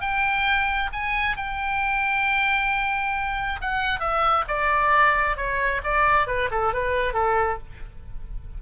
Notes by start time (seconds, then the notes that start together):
0.00 G5
0.92 G#5
1.36 G5
3.61 F#5
3.99 E5
4.47 D5
5.36 C#5
5.83 D5
6.26 B4
6.51 A4
6.73 B4
7.13 A4